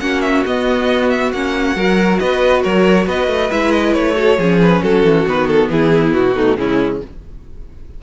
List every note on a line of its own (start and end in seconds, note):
0.00 0.45 A#3
0.00 0.45 C#4
0.00 1.77 F#4
0.00 0.22 F#5
0.22 0.44 E5
0.47 1.34 B3
0.47 1.32 B3
0.47 1.10 D#5
1.10 1.32 E5
1.32 1.76 A#3
1.32 1.77 C#4
1.32 2.19 F#5
1.76 2.20 F#3
1.76 3.51 F#4
1.76 2.21 A#4
2.19 2.65 B3
2.19 2.63 B4
2.19 2.63 D#5
2.63 3.07 F#3
2.63 3.07 A#4
2.63 3.08 C#5
3.07 3.28 B3
3.07 4.15 B4
3.07 3.51 D#5
3.28 3.50 A3
3.51 3.96 G#3
3.51 4.16 E4
3.51 3.72 E5
3.72 3.94 D#5
3.94 4.38 A3
3.94 4.59 C#5
4.15 4.38 F#4
4.15 4.37 A4
4.38 4.82 F3
4.38 5.27 C#4
4.38 4.82 G#4
4.62 4.83 B4
4.83 5.04 F#3
4.83 5.71 F#4
4.83 5.27 A4
5.04 5.26 E3
5.27 5.69 D#3
5.27 6.36 B3
5.27 5.48 B4
5.48 5.70 A4
5.69 6.12 E3
5.69 6.36 E4
5.69 6.13 G#4
6.13 6.57 B2
6.13 6.57 F#4
6.36 6.58 A3
6.36 6.58 D#4
6.58 7.01 C#3
6.58 7.02 G#3
6.58 7.02 C#4
6.58 7.03 E4